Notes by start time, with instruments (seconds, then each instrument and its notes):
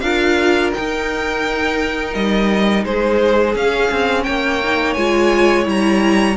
0.00 cello D4, viola F4, violin A#4 F5
0.73 viola D#4, cello D#4, violin G5
2.14 cello G3, violin D#5
2.85 cello G#3, violin G#4 C5
3.55 cello C#4, viola C#4, violin F5
3.91 cello C4
4.23 cello A#3, violin C#5 G5
4.64 viola D#4
4.94 cello G#3, viola F4, violin G#5
5.64 cello G3, viola E4, violin A#5